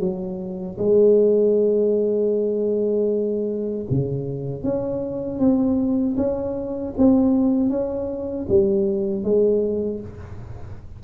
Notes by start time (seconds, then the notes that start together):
0.00 F#3
0.78 G#3
3.91 C#3
4.63 C#4
5.40 C4
6.17 C#4
6.98 C4
7.70 C#4
8.49 G3
9.24 G#3